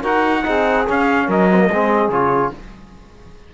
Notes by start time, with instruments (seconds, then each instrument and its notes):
0.00 cello D#4, trombone F#4, saxophone A#4, trumpet F#5
0.44 cello C4, trombone D#4, saxophone G#4
0.87 trombone C#4, cello C#4, trumpet F5
1.25 cello F#3, saxophone A#4, trumpet D#5
1.50 trombone C4
1.58 trombone A#3
1.69 cello G#3, trombone C4, saxophone G#4
2.08 cello C#3, trombone F4, trumpet C#5